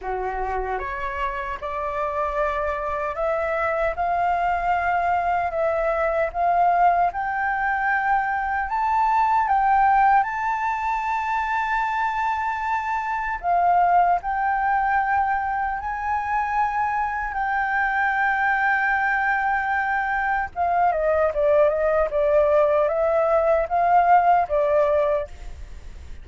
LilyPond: \new Staff \with { instrumentName = "flute" } { \time 4/4 \tempo 4 = 76 fis'4 cis''4 d''2 | e''4 f''2 e''4 | f''4 g''2 a''4 | g''4 a''2.~ |
a''4 f''4 g''2 | gis''2 g''2~ | g''2 f''8 dis''8 d''8 dis''8 | d''4 e''4 f''4 d''4 | }